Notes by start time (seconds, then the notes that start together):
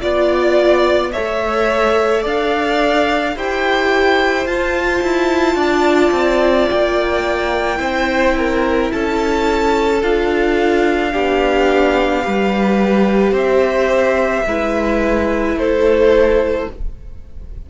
0.00 B3 F4 D5
1.12 A4 C#5 E5
1.18 A3
2.21 D4 D5 F5
3.35 E4 G4 C5 G5
4.46 F4 A5
5.02 E4
5.55 D4 D5
6.11 C4
6.69 A#3 G5
7.75 C4 E4 C5
8.37 A#4
8.91 C#4 A4 A5
10.02 D4 F4 F5
11.11 B3 D4 G4
12.22 G3 G4 B4
13.31 C4 C5 E5
14.46 G#3 E4 B4
15.55 A3 A4 C5